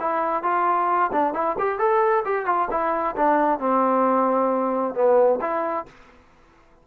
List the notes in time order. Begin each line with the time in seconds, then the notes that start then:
0.00 E4
0.43 F4
1.13 D4
1.34 E4
1.59 G4
1.79 A4
2.25 G4
2.46 F4
2.71 E4
3.16 D4
3.60 C4
4.95 B3
5.41 E4